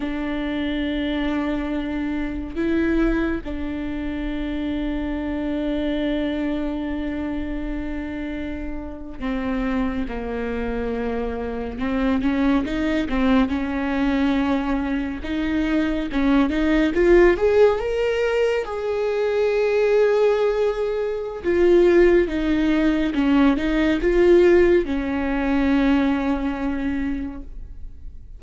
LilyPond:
\new Staff \with { instrumentName = "viola" } { \time 4/4 \tempo 4 = 70 d'2. e'4 | d'1~ | d'2~ d'8. c'4 ais16~ | ais4.~ ais16 c'8 cis'8 dis'8 c'8 cis'16~ |
cis'4.~ cis'16 dis'4 cis'8 dis'8 f'16~ | f'16 gis'8 ais'4 gis'2~ gis'16~ | gis'4 f'4 dis'4 cis'8 dis'8 | f'4 cis'2. | }